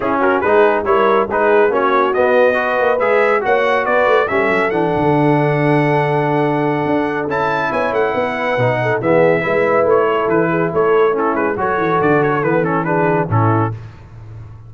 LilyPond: <<
  \new Staff \with { instrumentName = "trumpet" } { \time 4/4 \tempo 4 = 140 gis'8 ais'8 b'4 cis''4 b'4 | cis''4 dis''2 e''4 | fis''4 d''4 e''4 fis''4~ | fis''1~ |
fis''4 a''4 gis''8 fis''4.~ | fis''4 e''2 cis''4 | b'4 cis''4 a'8 b'8 cis''4 | d''8 cis''8 b'8 a'8 b'4 a'4 | }
  \new Staff \with { instrumentName = "horn" } { \time 4/4 e'8 fis'8 gis'4 ais'4 gis'4 | fis'2 b'2 | cis''4 b'4 a'2~ | a'1~ |
a'2 cis''4 b'4~ | b'8 a'8 gis'4 b'4. a'8~ | a'8 gis'8 a'4 e'4 a'4~ | a'2 gis'4 e'4 | }
  \new Staff \with { instrumentName = "trombone" } { \time 4/4 cis'4 dis'4 e'4 dis'4 | cis'4 b4 fis'4 gis'4 | fis'2 cis'4 d'4~ | d'1~ |
d'4 e'2. | dis'4 b4 e'2~ | e'2 cis'4 fis'4~ | fis'4 b8 cis'8 d'4 cis'4 | }
  \new Staff \with { instrumentName = "tuba" } { \time 4/4 cis'4 gis4 g4 gis4 | ais4 b4. ais8 gis4 | ais4 b8 a8 g8 fis8 e8 d8~ | d1 |
d'4 cis'4 b8 a8 b4 | b,4 e4 gis4 a4 | e4 a4. gis8 fis8 e8 | d4 e2 a,4 | }
>>